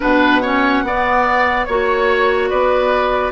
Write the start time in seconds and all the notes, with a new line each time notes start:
0.00 B2 D4 B4 F#5
0.41 C#4 C#5
0.82 B3 D5
1.64 A#3 F#4 C#5
2.49 B3 B4 D5